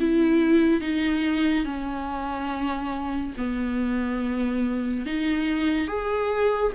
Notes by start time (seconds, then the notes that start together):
0.00 E4
0.81 D#4
1.65 C#4
3.38 B3
5.06 D#4
5.88 G#4